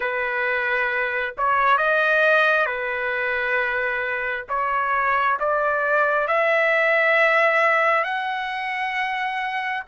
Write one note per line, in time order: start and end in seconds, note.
0.00 1.34 B4
1.37 1.77 C#5
1.77 2.66 D#5
2.66 4.45 B4
4.49 5.38 C#5
5.39 6.27 D5
6.27 8.04 E5
8.04 9.83 F#5